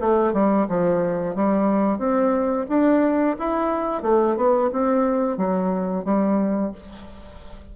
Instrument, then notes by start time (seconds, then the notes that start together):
bassoon
0.00 A3
0.33 G3
0.69 F3
1.35 G3
1.99 C4
2.69 D4
3.39 E4
4.03 A3
4.36 B3
4.73 C4
5.37 F#3
6.05 G3